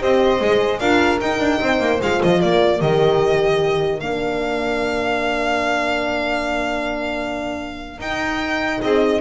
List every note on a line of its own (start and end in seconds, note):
0.00 0.41 C4
0.00 0.40 G4
0.00 0.80 C5
0.00 0.80 D#5
0.41 0.81 G#3
0.41 0.81 G#4
0.80 1.21 D4
0.80 1.21 F4
0.80 1.60 A#4
0.80 1.20 F5
1.21 2.01 D#4
1.21 1.40 D#4
1.21 2.01 G5
1.40 1.60 D4
1.61 1.80 C4
1.61 2.42 C5
1.80 2.00 A#3
2.02 2.22 G#3
2.02 2.80 F4
2.02 2.22 F5
2.23 2.43 F3
2.23 2.41 D#5
2.41 2.81 A#3
2.41 8.82 A#4
2.41 2.81 D5
2.80 4.01 D#3
2.80 4.00 G4
2.80 4.00 D#5
4.00 7.99 A#3
4.00 8.02 D4
4.00 8.00 F5
7.99 8.79 D#4
7.99 9.21 D#4
7.99 8.81 G5
8.82 9.21 C4
8.82 9.21 G#4
8.82 9.21 D#5